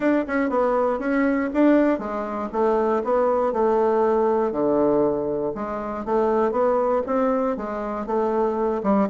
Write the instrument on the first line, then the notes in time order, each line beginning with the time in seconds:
bassoon
0.00 D4
0.27 C#4
0.49 B3
0.99 C#4
1.53 D4
1.98 G#3
2.52 A3
3.04 B3
3.52 A3
4.51 D3
5.54 G#3
6.05 A3
6.51 B3
7.06 C4
7.57 G#3
8.06 A3
8.83 G3